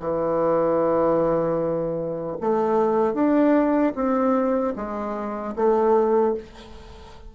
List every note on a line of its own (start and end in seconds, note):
0.00 2.37 E3
2.41 3.14 A3
3.14 3.93 D4
3.95 4.74 C4
4.76 5.55 G#3
5.56 6.35 A3